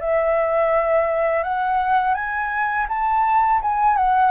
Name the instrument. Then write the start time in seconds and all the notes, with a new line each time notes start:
flute
0.00 E5
1.44 F#5
2.14 G#5
2.88 A5
3.62 G#5
3.96 F#5